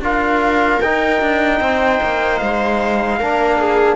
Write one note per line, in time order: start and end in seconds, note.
0.00 0.79 D4
0.00 0.82 F4
0.00 1.59 A#4
0.00 0.82 F5
0.82 1.21 D#4
0.82 3.20 D#4
0.82 2.38 G5
1.21 1.60 D4
1.59 2.00 C4
1.59 3.17 C5
2.03 2.41 A#3
2.38 3.20 G#3
2.38 3.96 F5
3.19 3.96 A#3
3.19 3.96 D4
3.19 3.58 A#4
3.58 3.96 G#4